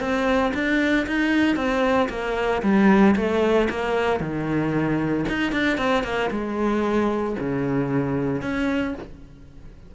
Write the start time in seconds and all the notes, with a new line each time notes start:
0.00 C4
0.54 D4
1.07 D#4
1.56 C4
2.09 A#3
2.63 G3
3.16 A3
3.70 A#3
4.20 D#3
5.29 D#4
5.52 D4
5.78 C4
6.04 A#3
6.31 G#3
7.39 C#3
8.42 C#4